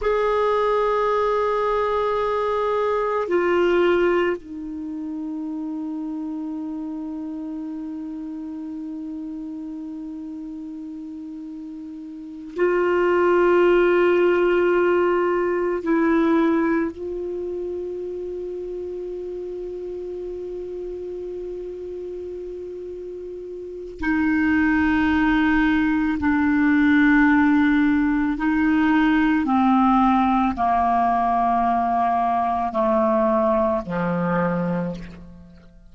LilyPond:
\new Staff \with { instrumentName = "clarinet" } { \time 4/4 \tempo 4 = 55 gis'2. f'4 | dis'1~ | dis'2.~ dis'8 f'8~ | f'2~ f'8 e'4 f'8~ |
f'1~ | f'2 dis'2 | d'2 dis'4 c'4 | ais2 a4 f4 | }